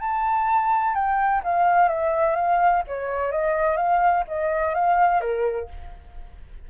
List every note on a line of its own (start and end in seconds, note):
0.00 0.94 A5
0.94 1.41 G5
1.43 1.88 F5
1.88 2.35 E5
2.35 2.83 F5
2.87 3.32 C#5
3.32 3.76 D#5
3.76 4.24 F5
4.28 4.74 D#5
4.74 5.21 F5
5.21 5.68 A#4